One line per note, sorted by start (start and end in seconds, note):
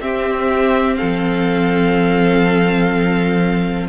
0.00 0.97 C4
0.00 3.88 C4
0.00 0.98 G4
0.00 0.96 E5
0.96 3.88 F3
0.96 3.88 A4
0.96 3.86 F5